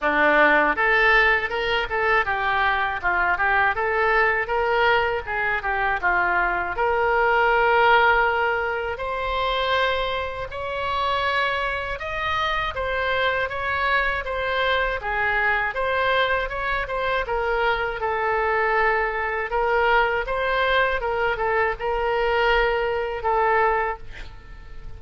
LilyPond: \new Staff \with { instrumentName = "oboe" } { \time 4/4 \tempo 4 = 80 d'4 a'4 ais'8 a'8 g'4 | f'8 g'8 a'4 ais'4 gis'8 g'8 | f'4 ais'2. | c''2 cis''2 |
dis''4 c''4 cis''4 c''4 | gis'4 c''4 cis''8 c''8 ais'4 | a'2 ais'4 c''4 | ais'8 a'8 ais'2 a'4 | }